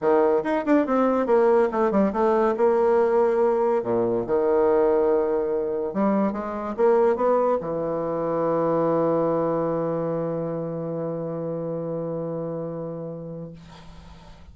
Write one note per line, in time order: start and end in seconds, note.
0.01 0.43 D#3
0.43 0.65 D#4
0.65 0.86 D4
0.86 1.26 C4
1.26 1.68 A#3
1.71 1.91 A3
1.91 2.12 G3
2.12 2.54 A3
2.57 3.83 A#3
3.83 4.25 A#2
4.26 5.93 D#3
5.93 6.32 G3
6.32 6.74 G#3
6.76 7.15 A#3
7.15 7.58 B3
7.60 13.52 E3